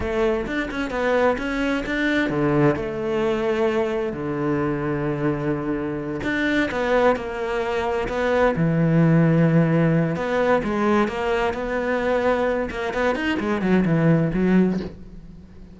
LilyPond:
\new Staff \with { instrumentName = "cello" } { \time 4/4 \tempo 4 = 130 a4 d'8 cis'8 b4 cis'4 | d'4 d4 a2~ | a4 d2.~ | d4. d'4 b4 ais8~ |
ais4. b4 e4.~ | e2 b4 gis4 | ais4 b2~ b8 ais8 | b8 dis'8 gis8 fis8 e4 fis4 | }